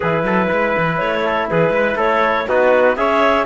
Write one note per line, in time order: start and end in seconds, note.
0.00 0.23 E3
0.00 2.48 E4
0.00 0.24 G#4
0.00 0.97 B4
0.23 0.48 F#3
0.23 0.47 A4
0.47 0.76 G#3
0.47 1.21 B4
0.77 1.00 E3
0.97 1.50 A3
0.97 1.47 C#5
1.25 1.49 A4
1.50 1.70 E3
1.50 1.74 G#4
1.50 1.99 B4
1.70 1.95 G#3
1.70 1.96 B4
1.96 2.45 A3
1.96 2.46 A4
1.96 2.48 C#5
2.48 2.96 B3
2.48 2.96 D#4
2.48 2.98 F#4
2.48 2.96 B4
2.96 3.45 C#4
2.96 3.45 G#4
2.96 3.45 C#5
2.96 3.45 E5